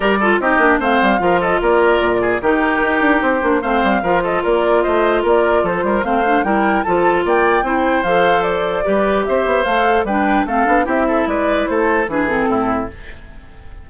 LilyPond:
<<
  \new Staff \with { instrumentName = "flute" } { \time 4/4 \tempo 4 = 149 d''4 dis''4 f''4. dis''8 | d''2 ais'2 | c''4 f''4. dis''8 d''4 | dis''4 d''4 c''4 f''4 |
g''4 a''4 g''2 | f''4 d''2 e''4 | f''4 g''4 f''4 e''4 | d''4 c''4 b'8 a'4. | }
  \new Staff \with { instrumentName = "oboe" } { \time 4/4 ais'8 a'8 g'4 c''4 ais'8 a'8 | ais'4. gis'8 g'2~ | g'4 c''4 ais'8 a'8 ais'4 | c''4 ais'4 a'8 ais'8 c''4 |
ais'4 a'4 d''4 c''4~ | c''2 b'4 c''4~ | c''4 b'4 a'4 g'8 a'8 | b'4 a'4 gis'4 e'4 | }
  \new Staff \with { instrumentName = "clarinet" } { \time 4/4 g'8 f'8 dis'8 d'8 c'4 f'4~ | f'2 dis'2~ | dis'8 d'8 c'4 f'2~ | f'2. c'8 d'8 |
e'4 f'2 e'4 | a'2 g'2 | a'4 d'4 c'8 d'8 e'4~ | e'2 d'8 c'4. | }
  \new Staff \with { instrumentName = "bassoon" } { \time 4/4 g4 c'8 ais8 a8 g8 f4 | ais4 ais,4 dis4 dis'8 d'8 | c'8 ais8 a8 g8 f4 ais4 | a4 ais4 f8 g8 a4 |
g4 f4 ais4 c'4 | f2 g4 c'8 b8 | a4 g4 a8 b8 c'4 | gis4 a4 e4 a,4 | }
>>